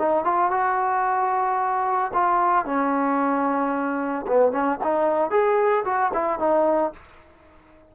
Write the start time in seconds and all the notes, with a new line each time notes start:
0.00 D#4
0.25 F4
0.51 F#4
2.14 F4
2.66 C#4
4.28 B3
4.52 C#4
4.84 D#4
5.31 G#4
5.85 F#4
6.14 E4
6.40 D#4